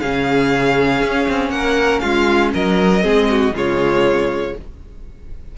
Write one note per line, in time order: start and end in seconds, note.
0.00 1.02 C#3
0.00 3.01 C#4
0.00 1.51 G#4
0.00 1.50 F5
1.02 1.27 C#4
1.28 1.49 C4
1.49 2.00 A#3
1.49 1.99 F#5
1.56 2.02 A#4
1.99 2.54 G#3
1.99 2.52 F4
1.99 2.50 F5
2.54 3.05 F#3
2.54 3.03 A#4
2.54 3.55 D#5
3.01 3.51 G#3
3.01 3.52 C4
3.01 3.28 G#4
3.29 3.55 F#4
3.51 4.52 C#3
3.51 4.55 G#3
3.51 4.56 F4
3.51 4.57 C#5